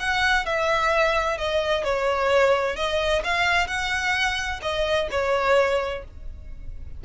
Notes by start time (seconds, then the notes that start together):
0.00 F#5
0.46 E5
1.38 D#5
1.84 C#5
2.76 D#5
3.24 F5
3.67 F#5
4.62 D#5
5.11 C#5